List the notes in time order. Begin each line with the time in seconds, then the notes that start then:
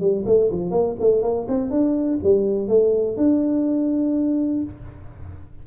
0.00 G3
0.25 A3
0.51 F3
0.71 A#3
0.99 A3
1.22 A#3
1.48 C4
1.70 D4
2.23 G3
2.68 A3
3.17 D4